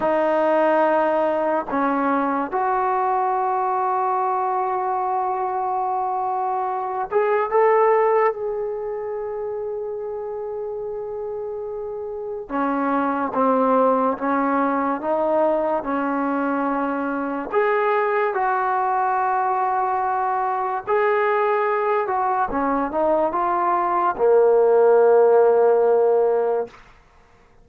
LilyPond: \new Staff \with { instrumentName = "trombone" } { \time 4/4 \tempo 4 = 72 dis'2 cis'4 fis'4~ | fis'1~ | fis'8 gis'8 a'4 gis'2~ | gis'2. cis'4 |
c'4 cis'4 dis'4 cis'4~ | cis'4 gis'4 fis'2~ | fis'4 gis'4. fis'8 cis'8 dis'8 | f'4 ais2. | }